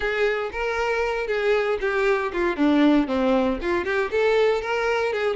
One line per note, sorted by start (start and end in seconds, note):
0.00 0.50 G#4
0.52 1.27 A#4
1.27 1.78 G#4
1.80 2.32 G4
2.33 2.56 F4
2.56 3.07 D4
3.07 3.59 C4
3.61 3.85 F4
3.85 4.10 G4
4.11 4.61 A4
4.61 5.12 A#4
5.12 5.35 G#4